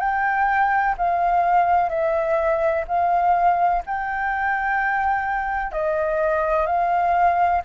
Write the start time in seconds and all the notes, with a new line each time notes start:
0.00 G5
0.98 F5
1.89 E5
2.88 F5
3.86 G5
5.72 D#5
6.67 F5